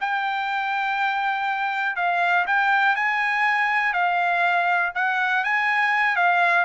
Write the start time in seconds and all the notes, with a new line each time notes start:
0.00 G5
1.96 F5
2.46 G5
2.95 G#5
3.93 F5
4.94 F#5
5.44 G#5
6.16 F5